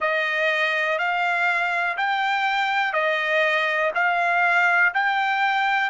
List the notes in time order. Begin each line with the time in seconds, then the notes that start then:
0.00 D#5
0.98 F5
1.97 G5
2.92 D#5
3.94 F5
4.94 G5